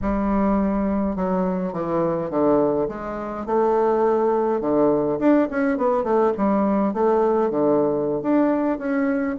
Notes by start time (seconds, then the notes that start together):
0.01 G3
1.15 F#3
1.73 E3
2.30 D3
2.88 G#3
3.46 A3
4.60 D3
5.19 D4
5.50 C#4
5.77 B3
6.03 A3
6.37 G3
6.93 A3
7.50 D3
8.22 D4
8.78 C#4